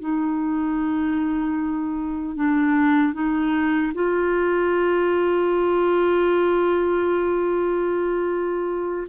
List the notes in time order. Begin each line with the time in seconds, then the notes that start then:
0.00 D#4
2.36 D4
3.14 D#4
3.95 F4